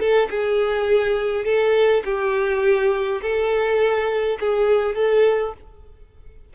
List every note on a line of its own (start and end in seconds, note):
0.00 0.29 A4
0.30 1.45 G#4
1.45 2.03 A4
2.05 3.21 G4
3.22 4.38 A4
4.40 4.95 G#4
4.95 5.54 A4